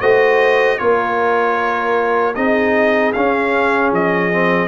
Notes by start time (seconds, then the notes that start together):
0.00 A3 F#4 C5 D#5
0.78 A#3 F4 A#4 C#5
2.35 C4 D#4 G#4 D#5
3.13 C#4 F5
3.92 F3 D#5
4.32 C4